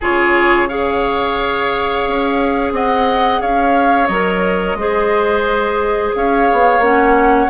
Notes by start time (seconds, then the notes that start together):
0.00 C#3 F4 G#4 C#5
0.68 G#4 C#5 F5
2.07 C#4
2.71 C4 D#5 F#5
3.41 C#4 C#5 F5
4.07 F#3 A#4 D#5
4.74 G#3 G#4 C5
6.15 C#4 C#5 F5
6.52 B3
6.78 A#3 C#4 F#5